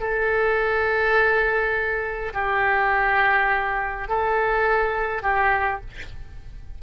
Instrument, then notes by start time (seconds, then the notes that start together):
oboe
0.00 A4
2.34 G4
4.08 A4
5.23 G4